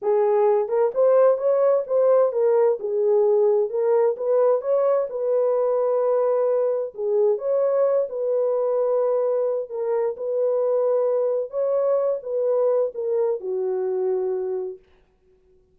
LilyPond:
\new Staff \with { instrumentName = "horn" } { \time 4/4 \tempo 4 = 130 gis'4. ais'8 c''4 cis''4 | c''4 ais'4 gis'2 | ais'4 b'4 cis''4 b'4~ | b'2. gis'4 |
cis''4. b'2~ b'8~ | b'4 ais'4 b'2~ | b'4 cis''4. b'4. | ais'4 fis'2. | }